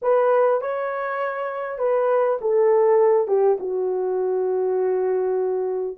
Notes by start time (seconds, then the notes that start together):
0.02 B4
0.61 C#5
1.78 B4
2.41 A4
3.27 G4
3.59 F#4